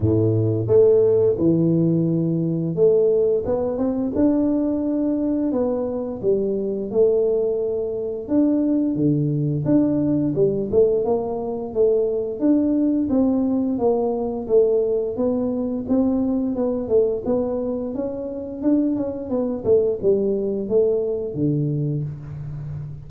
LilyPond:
\new Staff \with { instrumentName = "tuba" } { \time 4/4 \tempo 4 = 87 a,4 a4 e2 | a4 b8 c'8 d'2 | b4 g4 a2 | d'4 d4 d'4 g8 a8 |
ais4 a4 d'4 c'4 | ais4 a4 b4 c'4 | b8 a8 b4 cis'4 d'8 cis'8 | b8 a8 g4 a4 d4 | }